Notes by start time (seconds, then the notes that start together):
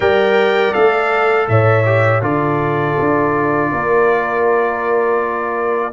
0.00 G3 A#4 D5 G5
0.73 A3 A4 F5
1.48 A2 C#5 E5
1.85 G4
2.21 D3 F4 A4 D5
2.99 D4
3.71 A#3 A#4